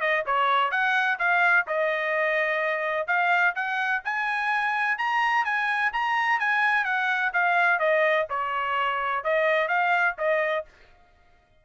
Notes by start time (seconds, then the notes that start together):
0.00 D#5
0.26 C#5
0.71 F#5
1.19 F5
1.67 D#5
3.07 F5
3.55 F#5
4.04 G#5
4.98 A#5
5.45 G#5
5.92 A#5
6.39 G#5
6.84 F#5
7.33 F5
7.79 D#5
8.30 C#5
9.24 D#5
9.68 F5
10.18 D#5